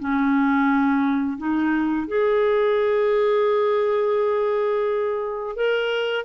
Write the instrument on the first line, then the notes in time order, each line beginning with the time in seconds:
clarinet
0.00 C#4
1.38 D#4
2.08 G#4
5.56 A#4